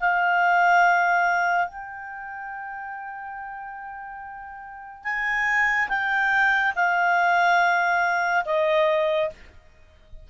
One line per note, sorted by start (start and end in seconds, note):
0.00 1.68 F5
1.68 5.04 G5
5.04 5.88 G#5
5.89 6.73 G5
6.76 8.45 F5
8.45 9.30 D#5